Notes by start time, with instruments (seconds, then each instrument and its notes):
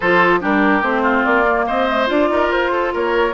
0.00 bassoon F3, clarinet F4, oboe A4, flute C5
0.40 bassoon G3, clarinet D4, oboe G4, flute A#4
0.81 bassoon A3, clarinet C4, flute C5
1.02 oboe F4
1.24 bassoon A#3, flute D5
1.47 clarinet A#3
1.66 bassoon C4, oboe C5, flute D#5
1.88 clarinet A3
2.07 bassoon D4, clarinet F4, flute D5
2.29 bassoon D#4, oboe A#4
2.49 bassoon F4, flute C5
2.72 oboe A4
2.93 bassoon A#3, oboe A#4, flute C#5